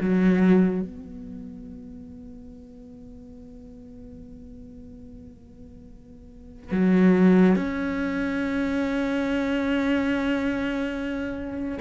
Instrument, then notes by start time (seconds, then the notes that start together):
cello
0.00 F#3
0.81 B3
6.71 F#3
7.56 C#4